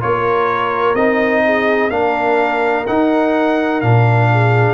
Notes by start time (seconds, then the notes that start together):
0.00 A#3 F4 A#4 C#5
0.94 C4 D#4 D#5
1.45 G#4
1.89 A#3 D4 A#4 F5
2.86 D#4 F#5
3.81 A#2 D4 F5
4.31 G#4